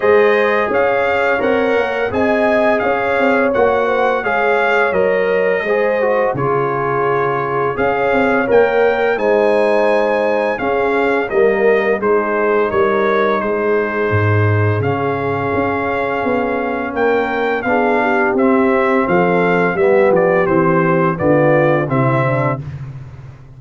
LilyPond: <<
  \new Staff \with { instrumentName = "trumpet" } { \time 4/4 \tempo 4 = 85 dis''4 f''4 fis''4 gis''4 | f''4 fis''4 f''4 dis''4~ | dis''4 cis''2 f''4 | g''4 gis''2 f''4 |
dis''4 c''4 cis''4 c''4~ | c''4 f''2. | g''4 f''4 e''4 f''4 | e''8 d''8 c''4 d''4 e''4 | }
  \new Staff \with { instrumentName = "horn" } { \time 4/4 c''4 cis''2 dis''4 | cis''4. c''8 cis''2 | c''4 gis'2 cis''4~ | cis''4 c''2 gis'4 |
ais'4 gis'4 ais'4 gis'4~ | gis'1 | ais'4 gis'8 g'4. a'4 | g'2 f'4 e'8 d'8 | }
  \new Staff \with { instrumentName = "trombone" } { \time 4/4 gis'2 ais'4 gis'4~ | gis'4 fis'4 gis'4 ais'4 | gis'8 fis'8 f'2 gis'4 | ais'4 dis'2 cis'4 |
ais4 dis'2.~ | dis'4 cis'2.~ | cis'4 d'4 c'2 | b4 c'4 b4 c'4 | }
  \new Staff \with { instrumentName = "tuba" } { \time 4/4 gis4 cis'4 c'8 ais8 c'4 | cis'8 c'8 ais4 gis4 fis4 | gis4 cis2 cis'8 c'8 | ais4 gis2 cis'4 |
g4 gis4 g4 gis4 | gis,4 cis4 cis'4 b4 | ais4 b4 c'4 f4 | g8 f8 e4 d4 c4 | }
>>